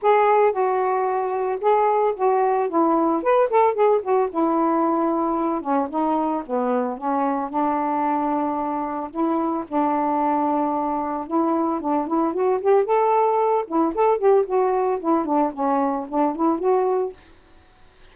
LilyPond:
\new Staff \with { instrumentName = "saxophone" } { \time 4/4 \tempo 4 = 112 gis'4 fis'2 gis'4 | fis'4 e'4 b'8 a'8 gis'8 fis'8 | e'2~ e'8 cis'8 dis'4 | b4 cis'4 d'2~ |
d'4 e'4 d'2~ | d'4 e'4 d'8 e'8 fis'8 g'8 | a'4. e'8 a'8 g'8 fis'4 | e'8 d'8 cis'4 d'8 e'8 fis'4 | }